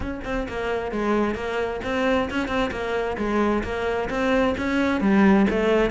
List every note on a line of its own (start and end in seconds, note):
0.00 0.20 C#4
0.24 0.47 C4
0.48 0.91 A#3
0.91 1.35 G#3
1.35 1.80 A#3
1.84 2.29 C4
2.30 2.48 C#4
2.48 2.70 C4
2.71 3.16 A#3
3.17 3.63 G#3
3.63 4.09 A#3
4.09 4.55 C4
4.57 5.00 C#4
5.00 5.46 G3
5.50 5.90 A3